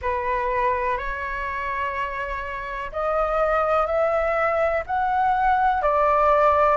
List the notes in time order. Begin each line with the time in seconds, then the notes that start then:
0.01 B4
0.97 C#5
2.92 D#5
3.86 E5
4.86 F#5
5.82 D5